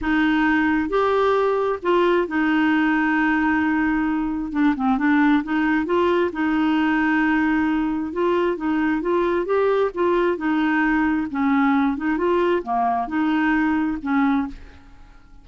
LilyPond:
\new Staff \with { instrumentName = "clarinet" } { \time 4/4 \tempo 4 = 133 dis'2 g'2 | f'4 dis'2.~ | dis'2 d'8 c'8 d'4 | dis'4 f'4 dis'2~ |
dis'2 f'4 dis'4 | f'4 g'4 f'4 dis'4~ | dis'4 cis'4. dis'8 f'4 | ais4 dis'2 cis'4 | }